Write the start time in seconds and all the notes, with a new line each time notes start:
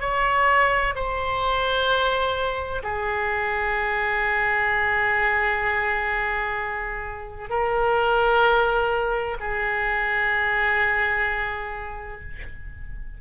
0.00 C#5
0.95 C5
2.83 G#4
7.49 A#4
9.40 G#4